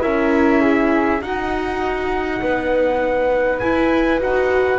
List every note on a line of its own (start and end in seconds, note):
0.00 1.21 C#4
0.00 1.20 E4
0.00 0.60 A#4
0.00 1.22 E5
0.60 1.21 G#4
1.21 2.41 D#4
1.21 3.61 D#4
1.21 2.41 F#4
1.21 3.59 F#5
2.41 3.61 B3
2.41 4.79 B4
3.59 4.20 E4
3.59 4.21 E4
3.59 4.19 G#5
4.20 4.79 D#4
4.20 4.79 F#4
4.20 4.79 F#5